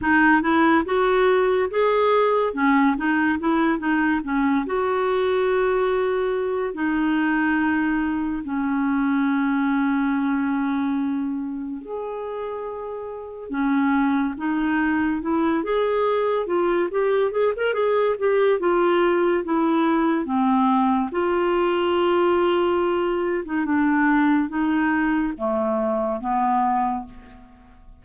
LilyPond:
\new Staff \with { instrumentName = "clarinet" } { \time 4/4 \tempo 4 = 71 dis'8 e'8 fis'4 gis'4 cis'8 dis'8 | e'8 dis'8 cis'8 fis'2~ fis'8 | dis'2 cis'2~ | cis'2 gis'2 |
cis'4 dis'4 e'8 gis'4 f'8 | g'8 gis'16 ais'16 gis'8 g'8 f'4 e'4 | c'4 f'2~ f'8. dis'16 | d'4 dis'4 a4 b4 | }